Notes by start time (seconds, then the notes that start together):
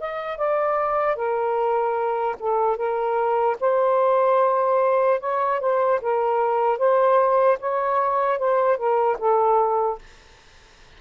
0.00 D#5
0.37 D5
1.16 A#4
2.39 A4
2.77 A#4
3.60 C5
5.20 C#5
5.60 C5
6.01 A#4
6.78 C5
7.60 C#5
8.38 C5
8.77 A#4
9.19 A4